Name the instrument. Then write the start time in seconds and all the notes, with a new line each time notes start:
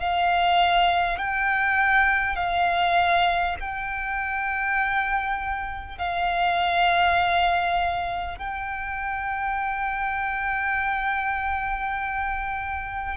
violin
0.00 F5
1.18 G5
2.36 F5
3.61 G5
5.99 F5
8.38 G5